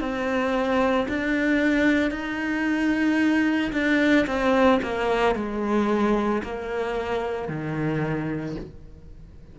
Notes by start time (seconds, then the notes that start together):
0.00 C4
1.09 D4
2.11 D#4
3.73 D4
4.27 C4
4.83 A#3
5.35 G#3
6.43 A#3
7.49 D#3